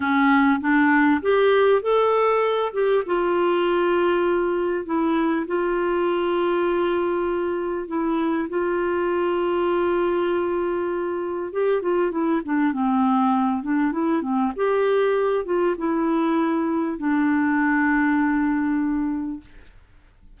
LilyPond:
\new Staff \with { instrumentName = "clarinet" } { \time 4/4 \tempo 4 = 99 cis'4 d'4 g'4 a'4~ | a'8 g'8 f'2. | e'4 f'2.~ | f'4 e'4 f'2~ |
f'2. g'8 f'8 | e'8 d'8 c'4. d'8 e'8 c'8 | g'4. f'8 e'2 | d'1 | }